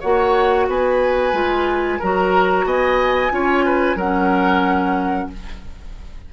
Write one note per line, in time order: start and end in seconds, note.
0.00 0.68 A#3
0.00 1.33 F#4
0.00 0.66 C#5
0.00 0.67 F#5
0.68 1.33 B3
0.68 1.99 B4
0.68 2.01 G#5
1.33 1.99 G#3
1.33 1.99 F4
1.99 2.65 F#3
1.99 3.30 F#4
1.99 2.65 A#4
1.99 2.67 A#5
2.65 3.30 B3
2.65 3.32 D#5
2.65 3.98 G#5
3.30 3.95 C#4
3.30 3.96 F4
3.30 3.65 C#5
3.65 3.96 B4
3.95 5.27 F#3
3.95 5.33 C#4
3.95 5.28 A#4
3.95 5.30 F#5